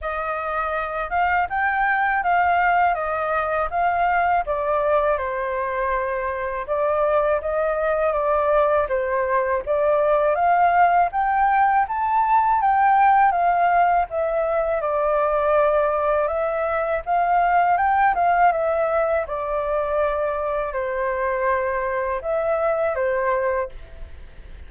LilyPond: \new Staff \with { instrumentName = "flute" } { \time 4/4 \tempo 4 = 81 dis''4. f''8 g''4 f''4 | dis''4 f''4 d''4 c''4~ | c''4 d''4 dis''4 d''4 | c''4 d''4 f''4 g''4 |
a''4 g''4 f''4 e''4 | d''2 e''4 f''4 | g''8 f''8 e''4 d''2 | c''2 e''4 c''4 | }